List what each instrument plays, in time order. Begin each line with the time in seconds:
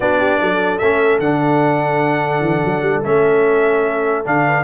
0.00 tuba B3, trombone D4, horn F#4, trumpet D5
0.19 horn G4
0.41 tuba F#3, horn A4
0.78 tuba A3, trombone C#4, trumpet E5
1.19 tuba D3, trombone D4, trumpet F#5
2.40 tuba E3
2.64 tuba F#3
2.81 tuba G3
3.03 tuba A3, trombone C#4, trumpet E5
4.24 tuba D3, trombone D4, trumpet F5
4.46 horn B4